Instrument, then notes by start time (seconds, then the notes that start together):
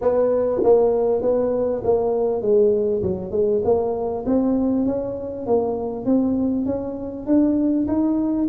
tuba
0.01 B3
0.63 A#3
1.21 B3
1.84 A#3
2.41 G#3
3.02 F#3
3.31 G#3
3.64 A#3
4.26 C4
4.85 C#4
5.46 A#3
6.05 C4
6.65 C#4
7.26 D4
7.87 D#4